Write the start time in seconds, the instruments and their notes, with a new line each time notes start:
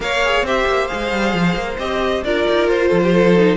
0.00 cello A#3, viola A#4, violin C#5 F5
0.24 viola G#4
0.42 cello C4, viola G4, violin C5 E5
0.66 cello A#3
0.87 cello G#3, viola G#4, violin F5
1.12 cello G3
1.34 cello F3
1.54 cello A#3
1.78 cello C4, viola G4, violin D#5
2.24 cello D4, viola F4, violin A#4 D5
2.48 cello D#4
2.68 cello F4, violin C5
2.89 cello F3, violin A4
3.03 violin G4
3.12 violin A4
3.37 viola D#4